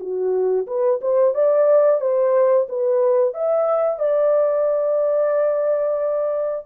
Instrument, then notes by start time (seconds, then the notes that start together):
horn
0.00 F#4
0.67 B4
1.01 C5
1.35 D5
2.01 C5
2.69 B4
3.34 E5
3.99 D5